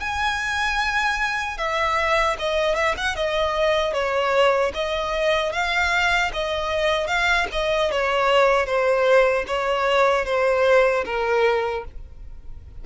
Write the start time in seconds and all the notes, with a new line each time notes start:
0.00 G#5
1.58 E5
2.39 D#5
2.75 E5
2.97 F#5
3.16 D#5
3.93 C#5
4.74 D#5
5.52 F5
6.33 D#5
7.07 F5
7.52 D#5
7.91 C#5
8.66 C5
9.47 C#5
10.25 C5
11.05 A#4